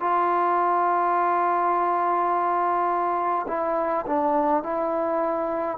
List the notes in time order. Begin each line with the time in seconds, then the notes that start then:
0.00 F4
3.48 E4
4.06 D4
4.63 E4